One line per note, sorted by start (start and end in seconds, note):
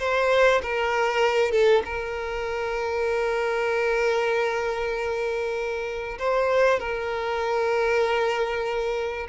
0.00 0.62 C5
0.63 1.52 A#4
1.52 1.83 A4
1.86 6.19 A#4
6.19 6.80 C5
6.80 9.27 A#4